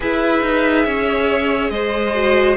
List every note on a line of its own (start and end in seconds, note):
0.00 0.42 E4
0.00 2.13 G#4
0.00 0.85 B4
0.00 1.70 E5
0.42 0.85 D#4
0.85 1.70 C#4
0.85 1.71 C#5
1.70 2.56 G#3
1.70 2.57 C5
1.70 2.56 D#5
2.14 2.57 F#4